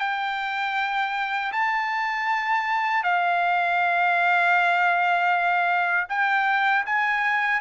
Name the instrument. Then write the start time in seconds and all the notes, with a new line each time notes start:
trumpet
0.00 G5
1.53 A5
3.03 F5
6.09 G5
6.86 G#5